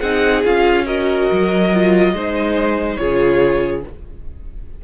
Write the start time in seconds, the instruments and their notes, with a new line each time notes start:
0.00 cello C4, viola D#4, violin G#4 F#5
0.45 cello C#4, viola F4, violin F5
0.85 viola F#4, violin A#4 D#5
1.32 cello F#3
1.74 viola F4
2.13 cello G#3, viola D#4, violin C5
2.97 cello C#3, viola F4, violin G#4 C#5